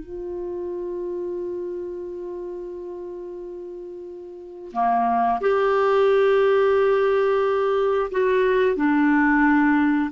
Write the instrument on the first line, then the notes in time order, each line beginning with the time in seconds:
clarinet
0.00 F4
4.73 A#3
5.41 G4
8.11 F#4
8.76 D4